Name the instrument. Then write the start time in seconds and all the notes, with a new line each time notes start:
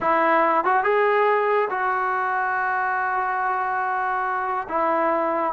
trombone
0.01 E4
0.64 F#4
0.83 G#4
1.69 F#4
4.68 E4